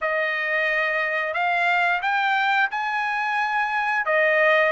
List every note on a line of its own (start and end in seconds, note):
0.01 1.33 D#5
1.33 2.01 F5
2.02 2.69 G5
2.70 4.05 G#5
4.05 4.72 D#5